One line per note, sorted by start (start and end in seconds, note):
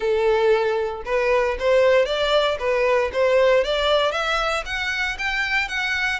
0.00 1.02 A4
1.05 1.57 B4
1.59 2.05 C5
2.05 2.57 D5
2.59 3.10 B4
3.12 3.64 C5
3.64 4.11 D5
4.11 4.63 E5
4.65 5.17 F#5
5.18 5.68 G5
5.68 6.20 F#5